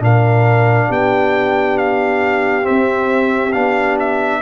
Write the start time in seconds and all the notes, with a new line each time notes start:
0.00 A#2 D4 A#4 F5
0.88 B3 G4 G5
1.78 F5
2.63 C4 E5
2.69 C4
3.53 B3 D4 F5
4.00 E5